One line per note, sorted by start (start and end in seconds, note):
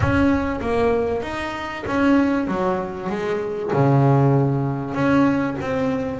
0.00 0.60 C#4
0.60 1.22 A#3
1.22 1.84 D#4
1.86 2.47 C#4
2.47 3.09 F#3
3.09 3.71 G#3
3.72 4.94 C#3
4.94 5.56 C#4
5.61 6.20 C4